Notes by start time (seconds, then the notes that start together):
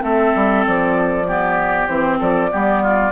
0.00 A3 C4 A4 E5
0.35 G3
0.66 F3 D5
1.27 B3 G4
1.87 E3 C4 C5
2.19 F3 A4 D5
2.51 G3 B3 G4
2.82 F4